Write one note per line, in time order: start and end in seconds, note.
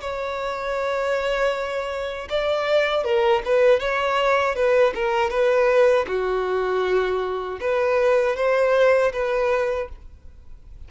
0.00 2.28 C#5
2.29 3.04 D5
3.04 3.42 A#4
3.45 3.79 B4
3.79 4.55 C#5
4.55 4.93 B4
4.94 5.30 A#4
5.30 6.06 B4
6.07 7.59 F#4
7.60 8.36 B4
8.36 9.12 C5
9.12 9.88 B4